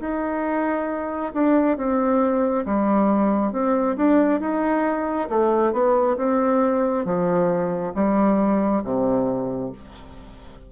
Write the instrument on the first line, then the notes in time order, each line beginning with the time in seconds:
bassoon
0.00 D#4
1.33 D4
1.76 C4
2.65 G3
3.52 C4
3.96 D4
4.40 D#4
5.29 A3
5.72 B3
6.17 C4
7.05 F3
7.94 G3
8.83 C3